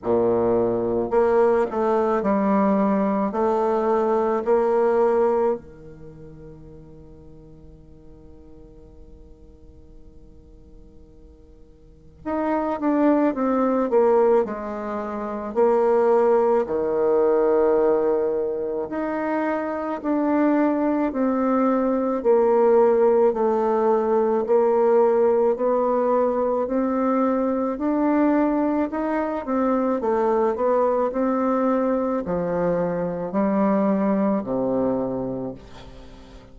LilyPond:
\new Staff \with { instrumentName = "bassoon" } { \time 4/4 \tempo 4 = 54 ais,4 ais8 a8 g4 a4 | ais4 dis2.~ | dis2. dis'8 d'8 | c'8 ais8 gis4 ais4 dis4~ |
dis4 dis'4 d'4 c'4 | ais4 a4 ais4 b4 | c'4 d'4 dis'8 c'8 a8 b8 | c'4 f4 g4 c4 | }